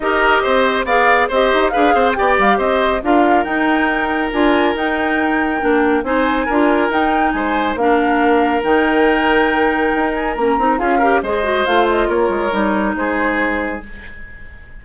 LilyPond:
<<
  \new Staff \with { instrumentName = "flute" } { \time 4/4 \tempo 4 = 139 dis''2 f''4 dis''4 | f''4 g''8 f''8 dis''4 f''4 | g''2 gis''4 g''4~ | g''2 gis''2 |
g''4 gis''4 f''2 | g''2.~ g''8 gis''8 | ais''4 f''4 dis''4 f''8 dis''8 | cis''2 c''2 | }
  \new Staff \with { instrumentName = "oboe" } { \time 4/4 ais'4 c''4 d''4 c''4 | b'8 c''8 d''4 c''4 ais'4~ | ais'1~ | ais'2 c''4 ais'4~ |
ais'4 c''4 ais'2~ | ais'1~ | ais'4 gis'8 ais'8 c''2 | ais'2 gis'2 | }
  \new Staff \with { instrumentName = "clarinet" } { \time 4/4 g'2 gis'4 g'4 | gis'4 g'2 f'4 | dis'2 f'4 dis'4~ | dis'4 d'4 dis'4 f'4 |
dis'2 d'2 | dis'1 | cis'8 dis'8 f'8 g'8 gis'8 fis'8 f'4~ | f'4 dis'2. | }
  \new Staff \with { instrumentName = "bassoon" } { \time 4/4 dis'4 c'4 b4 c'8 dis'8 | d'8 c'8 b8 g8 c'4 d'4 | dis'2 d'4 dis'4~ | dis'4 ais4 c'4 d'4 |
dis'4 gis4 ais2 | dis2. dis'4 | ais8 c'8 cis'4 gis4 a4 | ais8 gis8 g4 gis2 | }
>>